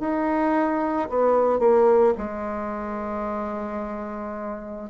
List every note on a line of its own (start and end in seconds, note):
0.00 1.09 D#4
1.10 1.60 B3
1.60 2.14 A#3
2.18 4.90 G#3